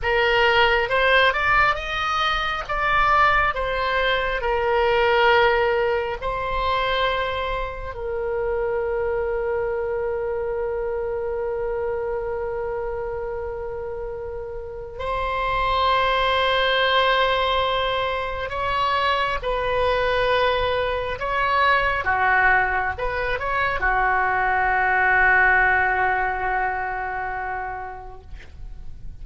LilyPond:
\new Staff \with { instrumentName = "oboe" } { \time 4/4 \tempo 4 = 68 ais'4 c''8 d''8 dis''4 d''4 | c''4 ais'2 c''4~ | c''4 ais'2.~ | ais'1~ |
ais'4 c''2.~ | c''4 cis''4 b'2 | cis''4 fis'4 b'8 cis''8 fis'4~ | fis'1 | }